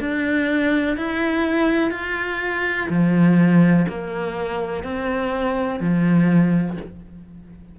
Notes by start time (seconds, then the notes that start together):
0.00 D4
0.97 E4
1.90 F4
2.89 F3
3.88 A#3
4.83 C4
5.80 F3